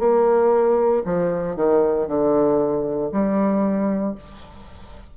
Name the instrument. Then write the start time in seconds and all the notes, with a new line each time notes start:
bassoon
0.00 A#3
1.05 F3
1.56 D#3
2.08 D3
3.12 G3